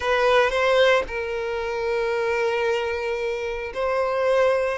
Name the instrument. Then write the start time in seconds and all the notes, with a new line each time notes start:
violin
0.00 B4
0.50 C5
1.07 A#4
3.73 C5